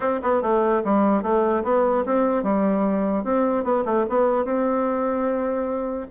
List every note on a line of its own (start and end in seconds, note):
0.00 0.20 C4
0.22 0.42 B3
0.42 0.82 A3
0.84 1.22 G3
1.22 1.63 A3
1.63 2.04 B3
2.05 2.43 C4
2.43 3.24 G3
3.24 3.64 C4
3.64 3.84 B3
3.85 4.05 A3
4.09 4.44 B3
4.44 6.06 C4